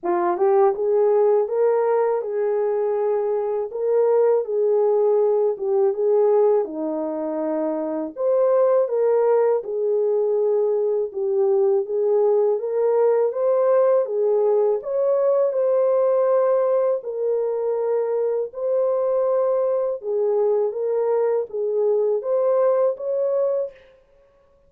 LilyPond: \new Staff \with { instrumentName = "horn" } { \time 4/4 \tempo 4 = 81 f'8 g'8 gis'4 ais'4 gis'4~ | gis'4 ais'4 gis'4. g'8 | gis'4 dis'2 c''4 | ais'4 gis'2 g'4 |
gis'4 ais'4 c''4 gis'4 | cis''4 c''2 ais'4~ | ais'4 c''2 gis'4 | ais'4 gis'4 c''4 cis''4 | }